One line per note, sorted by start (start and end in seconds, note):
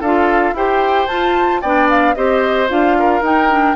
0.00 0.52 D4
0.00 0.55 F4
0.00 0.54 A4
0.00 0.55 F5
0.52 1.06 E4
0.52 1.08 G4
0.52 1.61 C5
0.52 1.07 G5
1.07 1.62 F4
1.07 1.61 A5
1.61 2.16 B3
1.61 2.15 D4
1.61 2.15 D5
1.61 1.88 G5
1.89 2.15 F5
2.15 2.70 C4
2.15 2.68 G4
2.15 2.97 C5
2.15 2.68 D#5
2.68 3.21 D4
2.68 3.21 F4
2.68 3.23 F5
2.99 3.75 A#4
3.21 3.75 D#4
3.21 3.50 D#4
3.21 3.75 G5
3.50 3.75 D4